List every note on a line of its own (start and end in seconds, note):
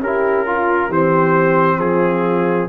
0.00 0.89 C#4
0.00 0.46 E4
0.00 0.46 G4
0.00 0.92 A#4
0.46 0.88 F4
0.46 0.90 F4
0.88 1.78 E3
0.88 2.69 C4
0.88 1.77 G4
0.88 1.80 C5
1.78 2.68 F3
1.78 2.69 F4
1.78 2.69 G#4